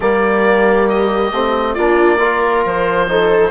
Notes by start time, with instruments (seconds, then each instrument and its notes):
0.00 bassoon G3, trombone A#3, viola G4, oboe D5
0.88 oboe D#5
1.31 bassoon A3, trombone C4
1.74 bassoon A#3, trombone D4, viola F4, oboe D5
2.19 trombone F4, viola A#4
2.65 bassoon F3, oboe C5
3.08 trombone D#4, viola A4